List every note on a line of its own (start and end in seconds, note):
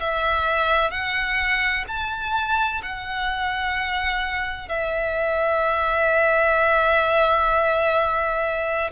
0.00 0.91 E5
0.91 1.85 F#5
1.88 2.82 A5
2.83 4.69 F#5
4.69 8.91 E5